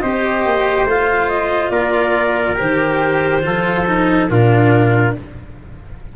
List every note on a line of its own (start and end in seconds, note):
0.00 0.45 C4
0.00 0.89 G4
0.00 1.72 C5
0.00 0.86 D#5
0.45 0.85 A#3
0.85 1.70 A3
0.85 2.55 F4
0.85 1.29 F5
1.29 1.70 D#5
1.70 2.56 A#3
1.70 3.43 A#4
1.70 2.56 D5
2.55 3.46 D#3
2.55 3.41 G4
2.55 4.29 C5
3.42 4.30 F3
3.42 3.84 F4
3.42 4.30 A4
3.87 4.29 D#4
4.29 5.16 A#2
4.29 5.16 D4
4.29 5.16 F4
4.29 5.15 A#4